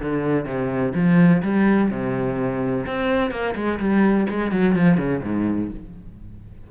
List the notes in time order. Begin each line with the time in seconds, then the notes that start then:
0.00 D3
0.46 C3
0.95 F3
1.43 G3
1.91 C3
2.86 C4
3.31 A#3
3.55 G#3
3.80 G3
4.29 G#3
4.52 F#3
4.76 F3
4.98 C#3
5.23 G#2